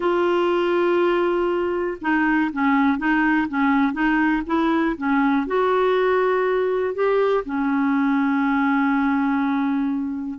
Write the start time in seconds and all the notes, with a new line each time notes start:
0.00 F4
2.01 D#4
2.52 C#4
2.98 D#4
3.48 C#4
3.93 D#4
4.46 E4
4.97 C#4
5.47 F#4
6.94 G4
7.45 C#4